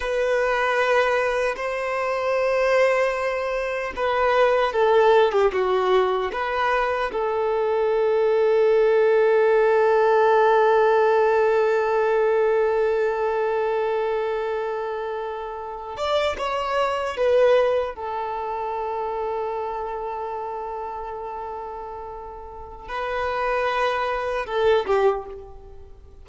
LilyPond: \new Staff \with { instrumentName = "violin" } { \time 4/4 \tempo 4 = 76 b'2 c''2~ | c''4 b'4 a'8. g'16 fis'4 | b'4 a'2.~ | a'1~ |
a'1~ | a'16 d''8 cis''4 b'4 a'4~ a'16~ | a'1~ | a'4 b'2 a'8 g'8 | }